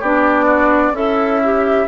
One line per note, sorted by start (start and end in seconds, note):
0.00 0.91 B3
0.00 0.94 D4
0.00 0.45 G4
0.00 0.96 D5
0.45 0.92 F#4
0.91 1.85 C#4
0.91 1.88 E4
0.91 1.41 A4
0.91 1.88 E5
1.44 1.88 G4